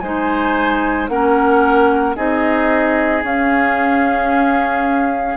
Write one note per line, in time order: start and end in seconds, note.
0.00 1.09 G#3
0.00 1.10 D#4
0.00 1.10 C5
0.00 1.07 G#5
1.09 2.16 A#3
1.09 2.16 C#4
1.09 2.16 A#4
1.09 2.16 F#5
2.16 3.23 C4
2.16 3.23 D#4
2.16 5.37 G#4
2.16 3.23 D#5
3.23 5.37 C#4
3.23 5.37 F5